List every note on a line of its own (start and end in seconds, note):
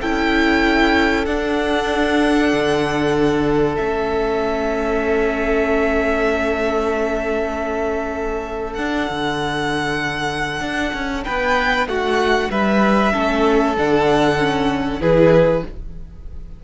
0.00 1.26 C#4
0.00 1.26 E4
0.00 11.25 A4
0.00 1.25 G5
1.25 3.76 D4
1.25 2.51 D4
1.25 3.75 F#5
2.53 3.78 D3
3.76 8.78 A3
3.76 8.76 C#4
3.76 8.73 E5
8.73 13.12 D4
8.73 9.09 D4
8.73 11.23 F#5
9.10 10.61 D3
10.61 10.92 D4
10.93 11.24 C#4
11.24 11.86 B3
11.24 11.87 B4
11.24 11.87 G5
11.86 12.49 A3
11.86 12.50 F#4
11.86 12.51 F#5
12.50 13.13 G3
12.50 13.12 B4
12.50 13.76 E5
13.12 13.77 A3
13.12 13.75 C#4
13.12 15.00 A4
13.77 15.00 D3
13.77 14.38 D4
13.77 15.01 F#5
14.38 15.00 C#4
15.00 15.62 E3
15.00 15.63 E4
15.00 15.63 G#4
15.00 15.64 B4